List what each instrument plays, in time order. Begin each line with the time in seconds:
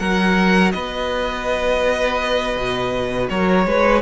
0.00 cello F#3, viola F#4, violin A#4 F#5
0.72 cello B3, violin B4 D#5
2.57 cello B2
3.30 cello F#3, violin A#4 C#5
3.66 cello G#3, violin B4